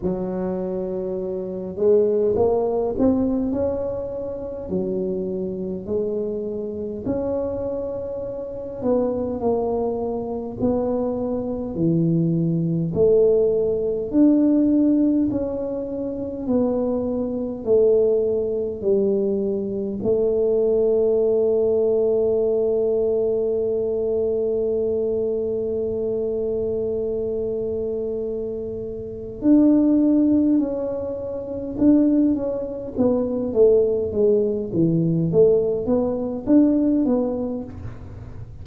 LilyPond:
\new Staff \with { instrumentName = "tuba" } { \time 4/4 \tempo 4 = 51 fis4. gis8 ais8 c'8 cis'4 | fis4 gis4 cis'4. b8 | ais4 b4 e4 a4 | d'4 cis'4 b4 a4 |
g4 a2.~ | a1~ | a4 d'4 cis'4 d'8 cis'8 | b8 a8 gis8 e8 a8 b8 d'8 b8 | }